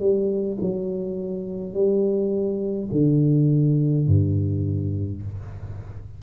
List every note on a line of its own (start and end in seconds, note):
0.00 0.58 G3
0.61 1.74 F#3
1.74 2.89 G3
2.92 4.07 D3
4.07 5.22 G2